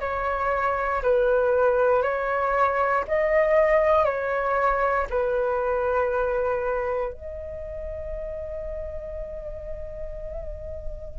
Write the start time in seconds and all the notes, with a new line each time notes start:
0.00 C#5
1.02 B4
2.02 C#5
3.08 D#5
4.04 C#5
5.10 B4
7.13 D#5